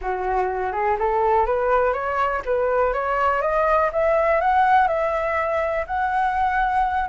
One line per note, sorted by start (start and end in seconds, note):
0.01 0.72 F#4
0.72 0.96 G#4
0.98 1.46 A4
1.46 1.93 B4
1.93 2.42 C#5
2.45 2.93 B4
2.93 3.41 C#5
3.41 3.90 D#5
3.92 4.40 E5
4.40 4.87 F#5
4.87 5.85 E5
5.86 7.08 F#5